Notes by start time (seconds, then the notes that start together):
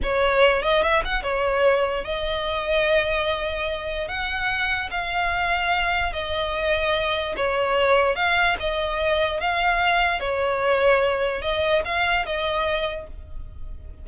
0.02 C#5
0.62 D#5
0.82 E5
1.04 F#5
1.22 C#5
2.04 D#5
4.08 F#5
4.91 F5
6.12 D#5
7.36 C#5
8.15 F5
8.59 D#5
9.40 F5
10.20 C#5
11.41 D#5
11.85 F5
12.25 D#5